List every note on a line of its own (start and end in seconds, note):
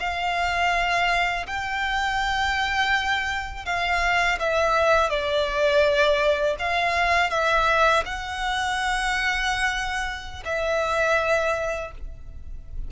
0.00 1.46 F5
1.47 3.66 G5
3.66 4.39 F5
4.40 5.10 E5
5.10 6.57 D5
6.59 7.30 F5
7.30 8.04 E5
8.06 10.43 F#5
10.45 11.91 E5